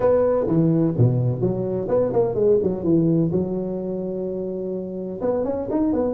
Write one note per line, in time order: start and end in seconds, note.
0.00 0.46 B3
0.47 0.94 E3
0.97 1.40 B2
1.40 1.88 F#3
1.88 2.12 B3
2.12 2.35 A#3
2.35 2.58 G#3
2.62 2.83 F#3
2.83 3.30 E3
3.31 5.20 F#3
5.21 5.44 B3
5.44 5.68 C#4
5.70 5.93 D#4
5.93 6.14 B3